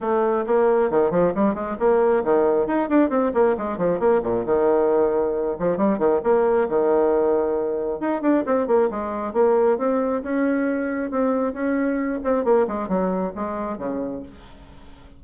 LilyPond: \new Staff \with { instrumentName = "bassoon" } { \time 4/4 \tempo 4 = 135 a4 ais4 dis8 f8 g8 gis8 | ais4 dis4 dis'8 d'8 c'8 ais8 | gis8 f8 ais8 ais,8 dis2~ | dis8 f8 g8 dis8 ais4 dis4~ |
dis2 dis'8 d'8 c'8 ais8 | gis4 ais4 c'4 cis'4~ | cis'4 c'4 cis'4. c'8 | ais8 gis8 fis4 gis4 cis4 | }